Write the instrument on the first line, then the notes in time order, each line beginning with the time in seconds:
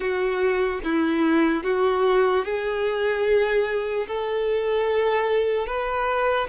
violin
0.00 F#4
0.84 E4
1.63 F#4
2.44 G#4
4.07 A4
5.66 B4